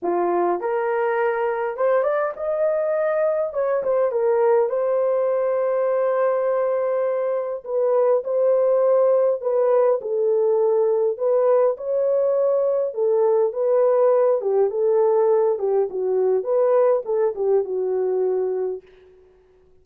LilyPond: \new Staff \with { instrumentName = "horn" } { \time 4/4 \tempo 4 = 102 f'4 ais'2 c''8 d''8 | dis''2 cis''8 c''8 ais'4 | c''1~ | c''4 b'4 c''2 |
b'4 a'2 b'4 | cis''2 a'4 b'4~ | b'8 g'8 a'4. g'8 fis'4 | b'4 a'8 g'8 fis'2 | }